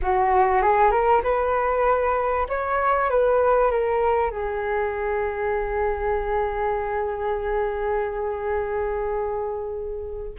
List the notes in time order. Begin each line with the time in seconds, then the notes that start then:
0.02 F#4
0.62 G#4
0.91 A#4
1.23 B4
2.48 C#5
3.10 B4
3.71 A#4
4.30 G#4